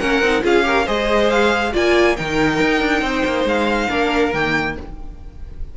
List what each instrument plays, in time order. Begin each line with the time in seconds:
0.00 cello A#3, viola C#4, violin A#4 F#5
0.22 cello C4, viola D#4
0.43 cello C#4, viola F4, violin G#4 F5
0.64 viola G4, violin A#4
0.85 cello G#3, viola G#4, violin C5 D#5
1.30 violin F5
1.73 cello A#3, viola F4, violin D5 G#5
2.17 cello D#3, viola D#4, violin A#4 G5
2.60 cello D#4
2.82 cello D4
3.02 cello C4, violin C5
3.25 cello A#3
3.45 cello G#3, violin F5
3.89 cello A#3, viola D4, violin A#4
4.33 cello D#3, viola A#3, violin G5